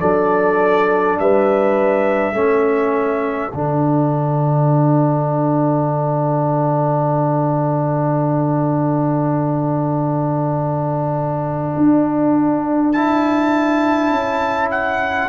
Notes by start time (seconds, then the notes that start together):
0.00 F#3 D4 A4 D5
1.19 G3 B4 E5
2.34 A3 C#4 A4
3.54 D3 D4 F#5
11.77 D4
12.93 E4 A5
14.11 C#4
14.71 F#5